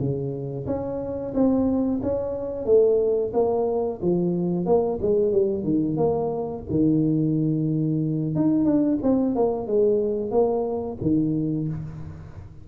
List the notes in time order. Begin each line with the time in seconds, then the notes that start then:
0.00 C#3
0.67 C#4
1.34 C4
2.03 C#4
2.66 A3
3.34 A#3
4.02 F3
4.66 A#3
5.02 G#3
5.32 G3
5.64 D#3
5.97 A#3
6.70 D#3
8.35 D#4
8.65 D4
9.03 C4
9.35 A#3
9.67 G#3
10.31 A#3
11.02 D#3